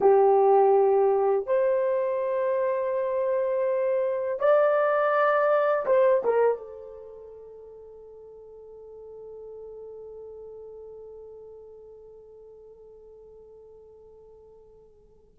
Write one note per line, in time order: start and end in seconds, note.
0.00 1.46 G4
1.46 4.39 C5
4.39 5.85 D5
5.86 6.22 C5
6.24 6.57 A#4
6.57 15.35 A4